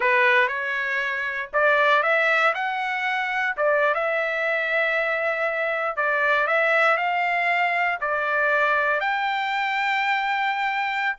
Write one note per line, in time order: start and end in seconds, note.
0.00 0.47 B4
0.47 1.49 C#5
1.53 2.02 D5
2.02 2.53 E5
2.54 3.55 F#5
3.56 3.94 D5
3.94 5.96 E5
5.96 6.47 D5
6.47 6.97 E5
6.97 7.99 F5
8.00 9.00 D5
9.00 11.16 G5